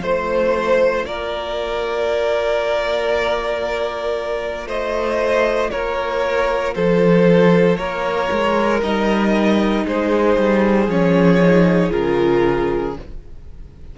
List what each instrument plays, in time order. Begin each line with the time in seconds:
0.00 cello A3, viola F4, violin C5
1.05 cello A#3, violin A#4 D5
4.66 cello A3, violin C5 D#5
5.71 cello A#3, violin A#4 C#5
6.75 cello F3, violin A4 C5
7.77 cello A#3, violin A#4 C#5
8.31 cello G#3
8.82 cello G3, viola D#4, violin D#5
9.85 cello G#3, violin G#4 C5
10.37 cello G3
10.87 cello F3, viola C#4, violin C#5
11.42 viola D#4
11.90 cello C#3, viola F4, violin A#4